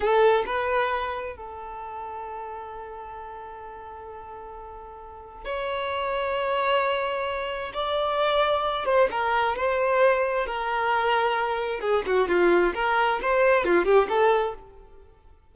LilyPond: \new Staff \with { instrumentName = "violin" } { \time 4/4 \tempo 4 = 132 a'4 b'2 a'4~ | a'1~ | a'1 | cis''1~ |
cis''4 d''2~ d''8 c''8 | ais'4 c''2 ais'4~ | ais'2 gis'8 fis'8 f'4 | ais'4 c''4 f'8 g'8 a'4 | }